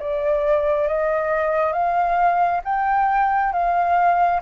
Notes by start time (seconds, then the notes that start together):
0.00 D5
0.88 D#5
1.73 F5
2.65 G5
3.53 F5